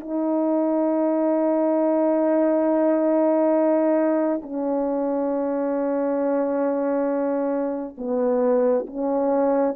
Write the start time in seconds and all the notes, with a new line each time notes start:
0.00 D#4
4.43 C#4
7.98 B3
8.87 C#4